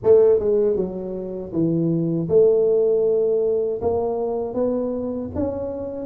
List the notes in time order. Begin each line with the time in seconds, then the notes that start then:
0.03 A3
0.39 G#3
0.76 F#3
1.52 E3
2.29 A3
3.81 A#3
4.54 B3
5.35 C#4